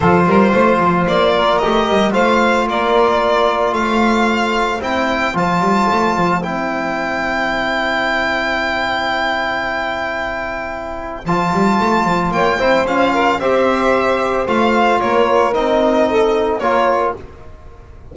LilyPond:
<<
  \new Staff \with { instrumentName = "violin" } { \time 4/4 \tempo 4 = 112 c''2 d''4 dis''4 | f''4 d''2 f''4~ | f''4 g''4 a''2 | g''1~ |
g''1~ | g''4 a''2 g''4 | f''4 e''2 f''4 | cis''4 dis''2 cis''4 | }
  \new Staff \with { instrumentName = "saxophone" } { \time 4/4 a'8 ais'8 c''4. ais'4. | c''4 ais'2 c''4~ | c''1~ | c''1~ |
c''1~ | c''2. cis''8 c''8~ | c''8 ais'8 c''2. | ais'2 a'4 ais'4 | }
  \new Staff \with { instrumentName = "trombone" } { \time 4/4 f'2. g'4 | f'1~ | f'4 e'4 f'2 | e'1~ |
e'1~ | e'4 f'2~ f'8 e'8 | f'4 g'2 f'4~ | f'4 dis'2 f'4 | }
  \new Staff \with { instrumentName = "double bass" } { \time 4/4 f8 g8 a8 f8 ais4 a8 g8 | a4 ais2 a4~ | a4 c'4 f8 g8 a8 f8 | c'1~ |
c'1~ | c'4 f8 g8 a8 f8 ais8 c'8 | cis'4 c'2 a4 | ais4 c'2 ais4 | }
>>